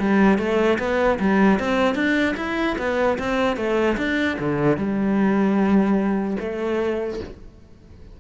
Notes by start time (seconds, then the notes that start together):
0.00 G3
0.39 A3
0.79 B3
1.20 G3
1.60 C4
1.95 D4
2.37 E4
2.79 B3
3.19 C4
3.57 A3
3.98 D4
4.40 D3
4.77 G3
6.40 A3